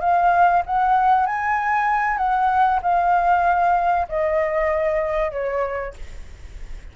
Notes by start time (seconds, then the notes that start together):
0.00 F5
0.66 F#5
1.26 G#5
2.17 F#5
2.82 F5
4.09 D#5
5.31 C#5